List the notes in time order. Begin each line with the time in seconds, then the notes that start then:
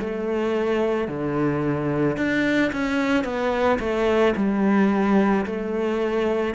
0.00 A3
1.08 D3
2.17 D4
2.73 C#4
3.24 B3
3.80 A3
4.36 G3
5.46 A3